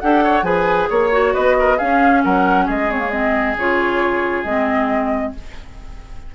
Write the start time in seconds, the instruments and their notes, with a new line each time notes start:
0.00 bassoon D4, oboe G4, clarinet A4, flute F#5
0.23 oboe C#5
0.42 bassoon F3, clarinet G#4, oboe B4, flute G#5
0.89 bassoon A#3, oboe C#5, flute C#5
1.11 clarinet F#4
1.34 bassoon B3, oboe B4, flute D#5
1.58 oboe A#4
1.77 bassoon C#4, clarinet C#4, oboe G#4, flute F5
2.24 bassoon F#3, oboe A#4, flute F#5
2.65 bassoon G#3, oboe G#4, flute D#5
2.91 clarinet C4, flute C#5
2.99 clarinet A#3
3.11 clarinet C4, flute D#5
3.56 bassoon C#3, clarinet F4, flute C#5
4.43 bassoon G#3, clarinet C4, flute D#5